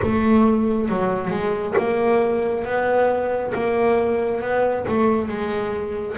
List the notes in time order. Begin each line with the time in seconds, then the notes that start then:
0.02 A3
0.89 F#3
1.30 G#3
1.78 A#3
2.65 B3
3.54 A#3
4.41 B3
4.88 A3
5.28 G#3